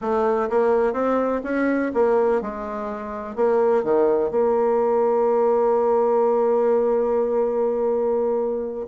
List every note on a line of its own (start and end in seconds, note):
0.01 0.49 A3
0.49 0.93 A#3
0.93 1.41 C4
1.43 1.91 C#4
1.93 2.41 A#3
2.41 3.35 G#3
3.35 3.83 A#3
3.83 4.30 D#3
4.30 8.86 A#3